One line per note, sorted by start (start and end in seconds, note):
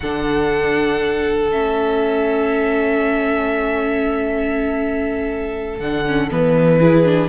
0.00 1.52 D3
0.00 1.51 D4
0.00 6.79 A4
0.00 1.50 F#5
1.51 5.79 A3
1.51 5.80 C#4
1.51 5.78 E5
5.78 6.30 D3
5.78 6.06 D4
5.78 6.29 F#5
6.06 6.30 C#4
6.30 7.28 E3
6.30 6.80 B3
6.30 7.28 B4
6.79 7.04 E4
6.79 7.28 G#4
7.04 7.28 D4